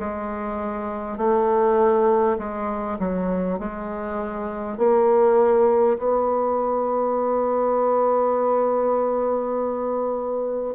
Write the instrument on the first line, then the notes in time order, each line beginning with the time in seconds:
bassoon
0.00 G#3
1.18 A3
2.39 G#3
2.99 F#3
3.59 G#3
4.78 A#3
5.98 B3